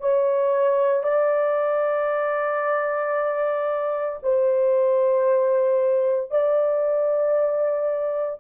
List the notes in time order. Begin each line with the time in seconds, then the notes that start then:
0.00 C#5
1.03 D5
4.23 C5
6.31 D5